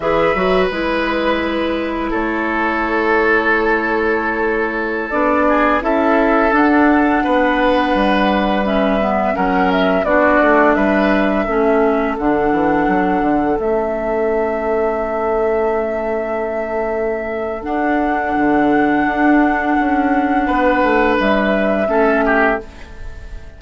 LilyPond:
<<
  \new Staff \with { instrumentName = "flute" } { \time 4/4 \tempo 4 = 85 e''4 b'2 cis''4~ | cis''2.~ cis''16 d''8.~ | d''16 e''4 fis''2~ fis''8.~ | fis''16 e''4 fis''8 e''8 d''4 e''8.~ |
e''4~ e''16 fis''2 e''8.~ | e''1~ | e''4 fis''2.~ | fis''2 e''2 | }
  \new Staff \with { instrumentName = "oboe" } { \time 4/4 b'2. a'4~ | a'2.~ a'8. gis'16~ | gis'16 a'2 b'4.~ b'16~ | b'4~ b'16 ais'4 fis'4 b'8.~ |
b'16 a'2.~ a'8.~ | a'1~ | a'1~ | a'4 b'2 a'8 g'8 | }
  \new Staff \with { instrumentName = "clarinet" } { \time 4/4 gis'8 fis'8 e'2.~ | e'2.~ e'16 d'8.~ | d'16 e'4 d'2~ d'8.~ | d'16 cis'8 b8 cis'4 d'4.~ d'16~ |
d'16 cis'4 d'2 cis'8.~ | cis'1~ | cis'4 d'2.~ | d'2. cis'4 | }
  \new Staff \with { instrumentName = "bassoon" } { \time 4/4 e8 fis8 gis2 a4~ | a2.~ a16 b8.~ | b16 cis'4 d'4 b4 g8.~ | g4~ g16 fis4 b8 a8 g8.~ |
g16 a4 d8 e8 fis8 d8 a8.~ | a1~ | a4 d'4 d4 d'4 | cis'4 b8 a8 g4 a4 | }
>>